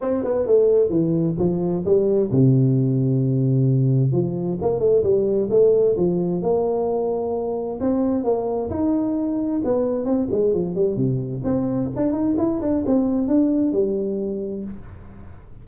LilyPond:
\new Staff \with { instrumentName = "tuba" } { \time 4/4 \tempo 4 = 131 c'8 b8 a4 e4 f4 | g4 c2.~ | c4 f4 ais8 a8 g4 | a4 f4 ais2~ |
ais4 c'4 ais4 dis'4~ | dis'4 b4 c'8 gis8 f8 g8 | c4 c'4 d'8 dis'8 e'8 d'8 | c'4 d'4 g2 | }